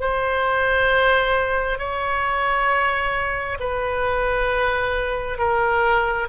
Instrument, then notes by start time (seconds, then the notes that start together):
oboe
0.00 C5
1.79 C#5
3.60 B4
5.38 A#4